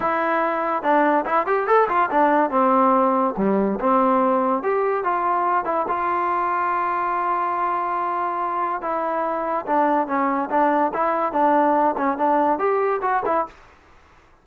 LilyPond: \new Staff \with { instrumentName = "trombone" } { \time 4/4 \tempo 4 = 143 e'2 d'4 e'8 g'8 | a'8 f'8 d'4 c'2 | g4 c'2 g'4 | f'4. e'8 f'2~ |
f'1~ | f'4 e'2 d'4 | cis'4 d'4 e'4 d'4~ | d'8 cis'8 d'4 g'4 fis'8 e'8 | }